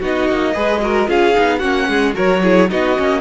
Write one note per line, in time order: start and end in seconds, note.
0.00 0.29 B3
0.00 0.54 D#4
0.00 0.54 F#4
0.00 1.10 D#5
0.29 0.56 A#3
0.54 1.08 G#3
0.54 0.81 G#4
0.54 0.81 B4
0.82 1.07 F#4
0.82 1.10 A#4
1.07 1.35 C#4
1.07 1.34 F4
1.07 1.59 G#4
1.07 1.59 F5
1.34 1.63 B3
1.34 1.60 D#4
1.59 1.88 A#3
1.59 2.14 C#4
1.59 1.86 F#4
1.59 2.12 F#5
1.88 2.15 G#3
1.88 2.15 G#4
2.14 2.71 F#3
2.14 2.41 F#4
2.14 2.42 A#4
2.14 2.71 C#5
2.43 2.69 E4
2.43 2.70 G#4
2.70 2.98 B3
2.70 2.96 D#4
2.70 3.21 F#4
2.70 3.21 D#5
2.96 3.21 A#3
2.96 3.21 C#4